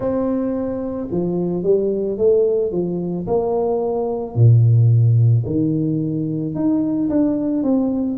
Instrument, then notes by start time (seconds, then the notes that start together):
tuba
0.00 C4
1.10 F3
1.63 G3
2.17 A3
2.71 F3
3.26 A#3
4.35 A#2
5.45 D#3
6.55 D#4
7.09 D4
7.63 C4